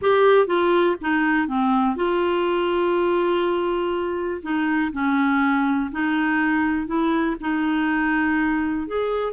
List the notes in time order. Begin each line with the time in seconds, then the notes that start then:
0.01 G4
0.46 F4
1.01 D#4
1.47 C4
1.95 F4
4.42 D#4
4.92 C#4
5.91 D#4
6.86 E4
7.40 D#4
8.87 G#4